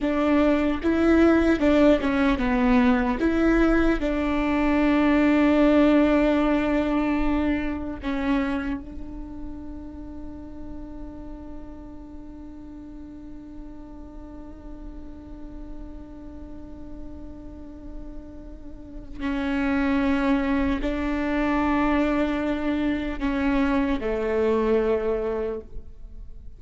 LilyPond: \new Staff \with { instrumentName = "viola" } { \time 4/4 \tempo 4 = 75 d'4 e'4 d'8 cis'8 b4 | e'4 d'2.~ | d'2 cis'4 d'4~ | d'1~ |
d'1~ | d'1 | cis'2 d'2~ | d'4 cis'4 a2 | }